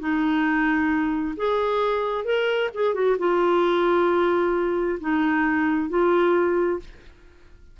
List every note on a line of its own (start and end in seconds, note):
0.00 1.35 D#4
1.37 2.25 G#4
2.25 2.70 A#4
2.75 2.94 G#4
2.94 3.17 F#4
3.19 4.99 F4
5.01 5.90 D#4
5.90 6.80 F4